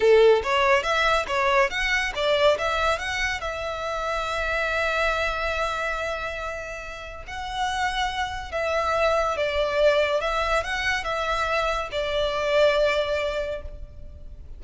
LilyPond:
\new Staff \with { instrumentName = "violin" } { \time 4/4 \tempo 4 = 141 a'4 cis''4 e''4 cis''4 | fis''4 d''4 e''4 fis''4 | e''1~ | e''1~ |
e''4 fis''2. | e''2 d''2 | e''4 fis''4 e''2 | d''1 | }